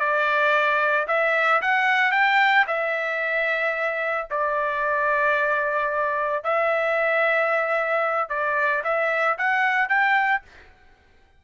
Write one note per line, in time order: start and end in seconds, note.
0.00 1.07 D5
1.08 1.61 E5
1.62 2.12 F#5
2.12 2.66 G5
2.67 4.28 E5
4.31 6.44 D5
6.44 8.30 E5
8.30 8.83 D5
8.84 9.38 E5
9.38 9.89 F#5
9.89 10.43 G5